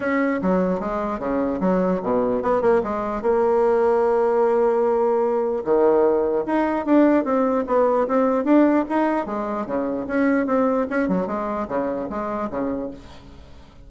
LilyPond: \new Staff \with { instrumentName = "bassoon" } { \time 4/4 \tempo 4 = 149 cis'4 fis4 gis4 cis4 | fis4 b,4 b8 ais8 gis4 | ais1~ | ais2 dis2 |
dis'4 d'4 c'4 b4 | c'4 d'4 dis'4 gis4 | cis4 cis'4 c'4 cis'8 fis8 | gis4 cis4 gis4 cis4 | }